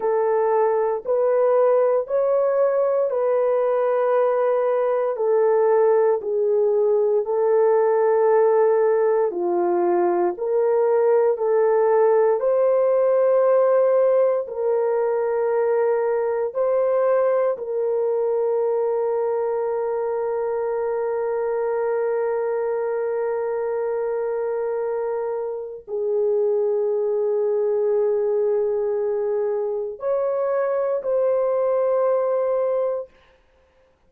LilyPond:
\new Staff \with { instrumentName = "horn" } { \time 4/4 \tempo 4 = 58 a'4 b'4 cis''4 b'4~ | b'4 a'4 gis'4 a'4~ | a'4 f'4 ais'4 a'4 | c''2 ais'2 |
c''4 ais'2.~ | ais'1~ | ais'4 gis'2.~ | gis'4 cis''4 c''2 | }